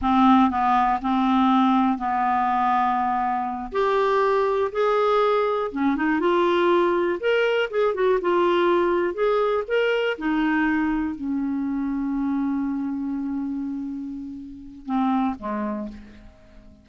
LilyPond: \new Staff \with { instrumentName = "clarinet" } { \time 4/4 \tempo 4 = 121 c'4 b4 c'2 | b2.~ b8 g'8~ | g'4. gis'2 cis'8 | dis'8 f'2 ais'4 gis'8 |
fis'8 f'2 gis'4 ais'8~ | ais'8 dis'2 cis'4.~ | cis'1~ | cis'2 c'4 gis4 | }